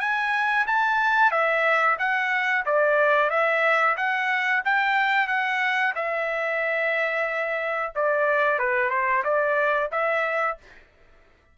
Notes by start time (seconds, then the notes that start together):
0.00 G#5
0.67 A5
1.31 E5
1.99 F#5
2.65 D5
3.30 E5
3.97 F#5
4.65 G5
5.27 F#5
5.95 E5
7.95 D5
8.59 B4
8.90 C5
9.24 D5
9.92 E5